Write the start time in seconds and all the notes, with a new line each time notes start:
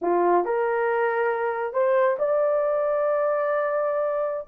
0.01 F4
0.44 A#4
1.73 C5
2.19 D5